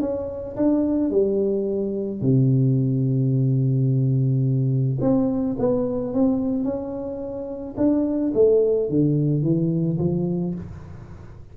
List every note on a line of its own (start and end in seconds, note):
0.00 0.56 C#4
0.56 1.10 D4
1.10 2.21 G3
2.21 4.98 C3
5.01 5.56 C4
5.58 6.13 B3
6.13 6.63 C4
6.63 7.74 C#4
7.77 8.32 D4
8.34 8.89 A3
8.89 9.42 D3
9.42 9.98 E3
9.98 10.54 F3